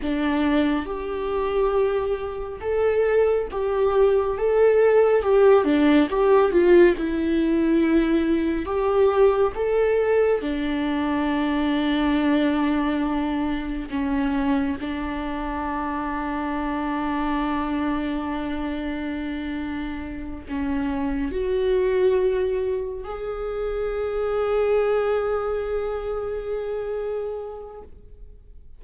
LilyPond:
\new Staff \with { instrumentName = "viola" } { \time 4/4 \tempo 4 = 69 d'4 g'2 a'4 | g'4 a'4 g'8 d'8 g'8 f'8 | e'2 g'4 a'4 | d'1 |
cis'4 d'2.~ | d'2.~ d'8 cis'8~ | cis'8 fis'2 gis'4.~ | gis'1 | }